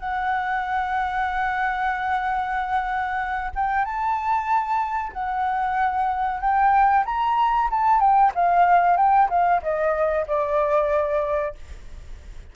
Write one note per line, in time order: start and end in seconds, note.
0.00 3.51 F#5
3.55 3.85 G5
3.85 5.13 A5
5.13 6.41 F#5
6.41 7.05 G5
7.06 7.69 A#5
7.71 8.00 A5
8.00 8.32 G5
8.35 8.97 F5
8.97 9.29 G5
9.30 9.62 F5
9.63 10.26 D#5
10.27 11.55 D5